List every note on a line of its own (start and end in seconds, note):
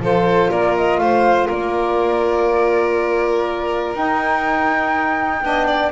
0.00 0.49 F3
0.00 3.95 F4
0.00 0.51 A4
0.00 0.51 C5
0.51 0.98 A#3
0.51 1.00 A#4
0.51 0.76 D5
0.77 0.99 D#5
0.98 1.47 A3
0.98 1.47 C5
0.98 1.48 F5
1.47 3.94 A#3
1.47 5.41 A#4
1.47 3.95 D5
3.94 5.42 D#4
3.94 5.92 G5
5.42 5.92 B3
5.42 5.92 D4
5.42 5.68 D#5
5.68 5.92 D5